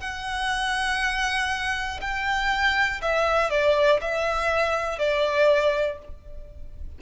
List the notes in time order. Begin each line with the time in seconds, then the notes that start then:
0.00 F#5
2.01 G5
3.02 E5
3.50 D5
4.01 E5
4.99 D5